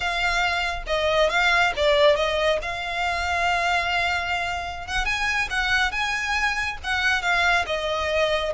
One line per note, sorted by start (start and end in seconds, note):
0.00 0.83 F5
0.86 1.29 D#5
1.29 1.72 F5
1.76 2.16 D5
2.16 2.59 D#5
2.62 4.87 F5
4.87 5.05 F#5
5.05 5.48 G#5
5.49 5.91 F#5
5.91 6.77 G#5
6.83 7.22 F#5
7.22 7.65 F5
7.66 8.52 D#5